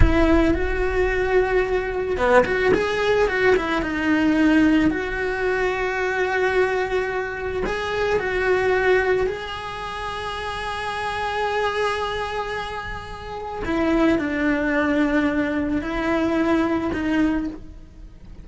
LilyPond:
\new Staff \with { instrumentName = "cello" } { \time 4/4 \tempo 4 = 110 e'4 fis'2. | b8 fis'8 gis'4 fis'8 e'8 dis'4~ | dis'4 fis'2.~ | fis'2 gis'4 fis'4~ |
fis'4 gis'2.~ | gis'1~ | gis'4 e'4 d'2~ | d'4 e'2 dis'4 | }